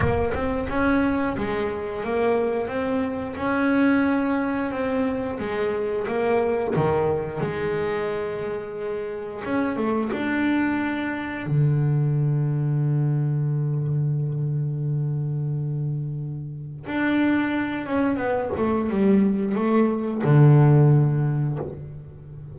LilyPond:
\new Staff \with { instrumentName = "double bass" } { \time 4/4 \tempo 4 = 89 ais8 c'8 cis'4 gis4 ais4 | c'4 cis'2 c'4 | gis4 ais4 dis4 gis4~ | gis2 cis'8 a8 d'4~ |
d'4 d2.~ | d1~ | d4 d'4. cis'8 b8 a8 | g4 a4 d2 | }